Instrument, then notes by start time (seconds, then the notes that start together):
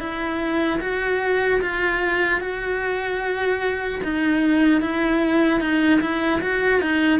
cello
0.00 E4
0.81 F#4
1.61 F4
2.41 F#4
4.04 D#4
4.81 E4
5.61 D#4
6.01 E4
6.41 F#4
6.81 D#4